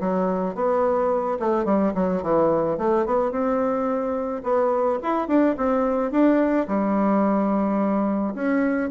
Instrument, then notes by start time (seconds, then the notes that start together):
bassoon
0.00 F#3
0.55 B3
1.40 A3
1.65 G3
1.95 F#3
2.23 E3
2.78 A3
3.06 B3
3.31 C4
4.44 B3
5.03 E4
5.28 D4
5.57 C4
6.12 D4
6.68 G3
8.35 C#4